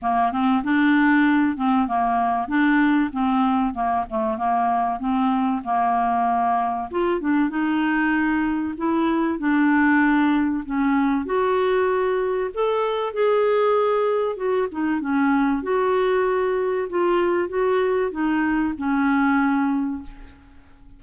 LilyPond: \new Staff \with { instrumentName = "clarinet" } { \time 4/4 \tempo 4 = 96 ais8 c'8 d'4. c'8 ais4 | d'4 c'4 ais8 a8 ais4 | c'4 ais2 f'8 d'8 | dis'2 e'4 d'4~ |
d'4 cis'4 fis'2 | a'4 gis'2 fis'8 dis'8 | cis'4 fis'2 f'4 | fis'4 dis'4 cis'2 | }